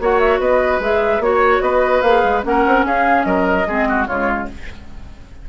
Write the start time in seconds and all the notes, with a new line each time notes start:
0.00 A#3 F#4 C#5 F#5
0.19 E5
0.39 B3 B4 D#5
0.79 G#3 G#4 E5
1.19 A#3 F#4 C#5
1.62 B3 B4 D#5
2.02 A#3 G#4 F5
2.24 G#3
2.43 A#3 C#4 A#4 F#5
2.67 C4
2.86 C#4 G#4 F5
3.24 F#3 A#4 D#5
3.68 G#3 C4 G#4
3.89 F#4
4.07 C#3 G#3 F4 C#5